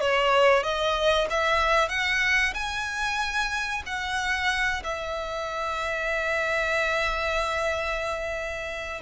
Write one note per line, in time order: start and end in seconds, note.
0.00 0.63 C#5
0.63 1.27 D#5
1.30 1.89 E5
1.89 2.53 F#5
2.54 3.83 G#5
3.86 4.82 F#5
4.83 9.01 E5